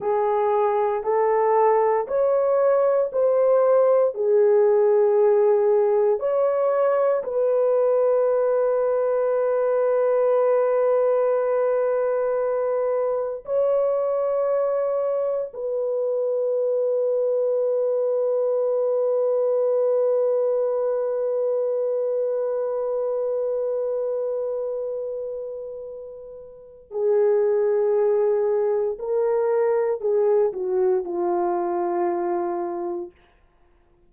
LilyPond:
\new Staff \with { instrumentName = "horn" } { \time 4/4 \tempo 4 = 58 gis'4 a'4 cis''4 c''4 | gis'2 cis''4 b'4~ | b'1~ | b'4 cis''2 b'4~ |
b'1~ | b'1~ | b'2 gis'2 | ais'4 gis'8 fis'8 f'2 | }